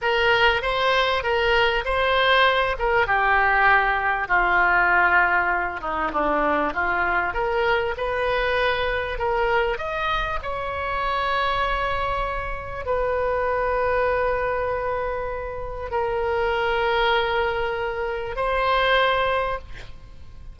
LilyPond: \new Staff \with { instrumentName = "oboe" } { \time 4/4 \tempo 4 = 98 ais'4 c''4 ais'4 c''4~ | c''8 ais'8 g'2 f'4~ | f'4. dis'8 d'4 f'4 | ais'4 b'2 ais'4 |
dis''4 cis''2.~ | cis''4 b'2.~ | b'2 ais'2~ | ais'2 c''2 | }